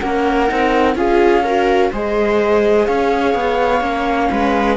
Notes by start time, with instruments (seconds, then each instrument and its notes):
0.00 cello A#3, viola C#4 A#4, flute F#5
0.48 cello C4, viola D#4
0.96 cello C#4, viola F4 G#4, flute F5
1.44 viola F#4 A#4
1.92 cello G#3, viola G#4 C5, flute D#5
2.86 cello C#4, viola C#5, flute F5
3.35 cello B3
3.81 cello A#3, viola C#4
4.30 cello G#3, viola B4